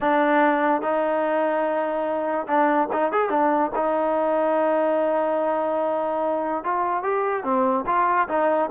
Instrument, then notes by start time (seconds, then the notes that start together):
trombone
0.00 D4
0.81 D#4
2.47 D4
2.92 D#4
3.11 G#4
3.29 D4
3.75 D#4
6.64 F4
7.03 G4
7.43 C4
7.86 F4
8.28 D#4